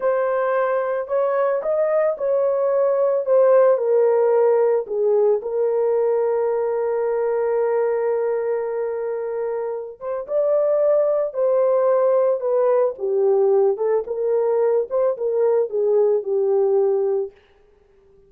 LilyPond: \new Staff \with { instrumentName = "horn" } { \time 4/4 \tempo 4 = 111 c''2 cis''4 dis''4 | cis''2 c''4 ais'4~ | ais'4 gis'4 ais'2~ | ais'1~ |
ais'2~ ais'8 c''8 d''4~ | d''4 c''2 b'4 | g'4. a'8 ais'4. c''8 | ais'4 gis'4 g'2 | }